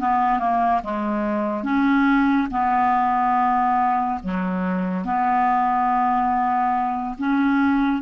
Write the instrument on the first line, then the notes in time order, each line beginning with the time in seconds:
clarinet
0.00 B3
0.39 A#3
0.84 G#3
1.64 C#4
2.51 B3
4.23 F#3
5.05 B3
7.18 C#4